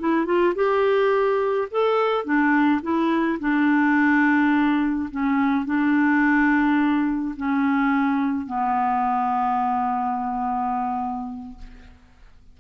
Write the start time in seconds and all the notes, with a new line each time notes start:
0.00 E4
0.26 F4
0.55 G4
1.71 A4
2.25 D4
2.83 E4
3.40 D4
5.11 C#4
5.66 D4
7.37 C#4
8.47 B3